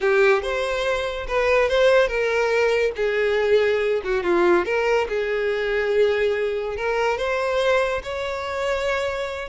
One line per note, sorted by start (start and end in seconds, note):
0.00 0.42 G4
0.42 1.26 C5
1.27 1.69 B4
1.69 2.07 C5
2.07 2.92 A#4
2.96 4.01 G#4
4.04 4.23 F#4
4.23 4.65 F4
4.65 5.07 A#4
5.08 6.76 G#4
6.76 7.17 A#4
7.17 8.02 C5
8.03 9.48 C#5